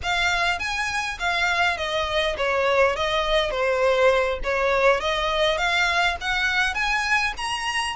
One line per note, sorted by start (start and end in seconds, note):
0.03 0.59 F5
0.59 1.18 G#5
1.19 1.77 F5
1.77 2.36 D#5
2.37 2.96 C#5
2.96 3.51 D#5
3.51 4.39 C5
4.43 5.00 C#5
5.00 5.57 D#5
5.57 6.16 F5
6.21 6.74 F#5
6.74 7.33 G#5
7.37 7.96 A#5